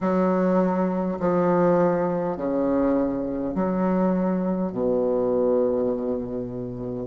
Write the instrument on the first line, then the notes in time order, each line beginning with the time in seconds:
bassoon
0.01 F#3
1.19 F3
2.36 C#3
3.55 F#3
4.72 B2